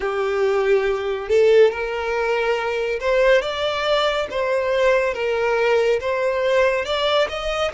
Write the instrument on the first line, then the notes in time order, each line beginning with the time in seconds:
violin
0.00 G4
1.29 A4
1.71 A#4
3.00 C5
3.41 D5
4.30 C5
5.14 A#4
6.00 C5
6.85 D5
7.28 D#5